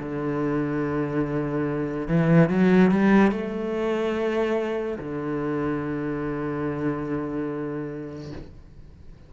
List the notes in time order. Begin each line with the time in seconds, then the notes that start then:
0.00 D3
2.08 E3
2.50 F#3
2.91 G3
3.32 A3
4.99 D3